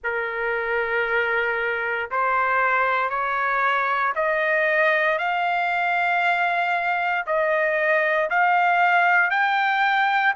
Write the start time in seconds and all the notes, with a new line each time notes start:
0.03 A#4
2.11 C5
3.09 C#5
4.15 D#5
5.18 F5
7.26 D#5
8.30 F5
9.30 G5